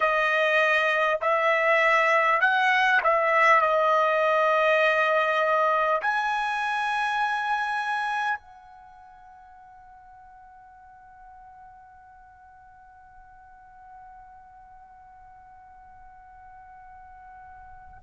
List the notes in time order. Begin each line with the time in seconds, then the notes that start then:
0.00 D#5
1.21 E5
2.40 F#5
3.03 E5
3.61 D#5
6.01 G#5
8.38 F#5